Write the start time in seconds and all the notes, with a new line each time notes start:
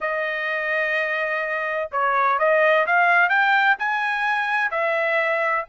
0.00 D#5
1.91 C#5
2.38 D#5
2.86 F5
3.29 G5
3.78 G#5
4.70 E5